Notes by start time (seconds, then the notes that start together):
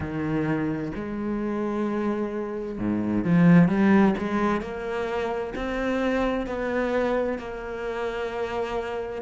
0.00 D#3
0.95 G#3
2.78 G#2
3.24 F3
3.68 G3
4.18 G#3
4.61 A#3
5.55 C4
6.46 B3
7.38 A#3